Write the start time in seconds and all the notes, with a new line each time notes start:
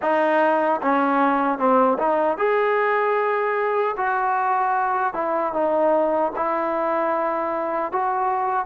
0.01 D#4
0.81 C#4
1.58 C4
1.98 D#4
2.37 G#4
3.97 F#4
5.13 E4
5.53 D#4
6.36 E4
7.92 F#4